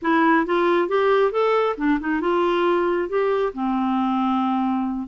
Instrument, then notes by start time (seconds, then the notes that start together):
clarinet
0.02 E4
0.46 F4
0.88 G4
1.31 A4
1.77 D4
2.00 D#4
2.21 F4
3.08 G4
3.53 C4